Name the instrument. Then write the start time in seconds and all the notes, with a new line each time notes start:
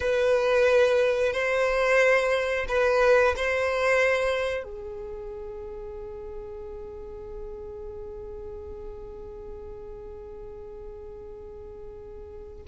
violin
0.00 B4
1.32 C5
2.68 B4
3.36 C5
4.63 G#4